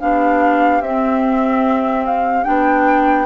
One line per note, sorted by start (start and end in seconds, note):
0.00 0.81 B3
0.00 0.82 D4
0.00 3.26 G4
0.00 0.82 F5
0.81 2.45 C4
0.81 2.05 E5
2.05 2.44 F5
2.44 3.26 B3
2.44 3.26 D4
2.44 3.26 G5